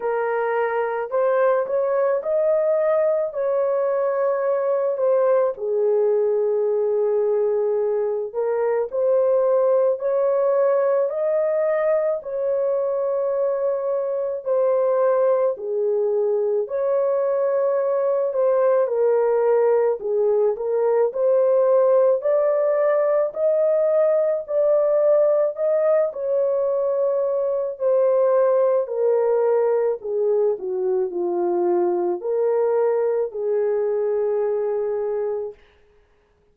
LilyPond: \new Staff \with { instrumentName = "horn" } { \time 4/4 \tempo 4 = 54 ais'4 c''8 cis''8 dis''4 cis''4~ | cis''8 c''8 gis'2~ gis'8 ais'8 | c''4 cis''4 dis''4 cis''4~ | cis''4 c''4 gis'4 cis''4~ |
cis''8 c''8 ais'4 gis'8 ais'8 c''4 | d''4 dis''4 d''4 dis''8 cis''8~ | cis''4 c''4 ais'4 gis'8 fis'8 | f'4 ais'4 gis'2 | }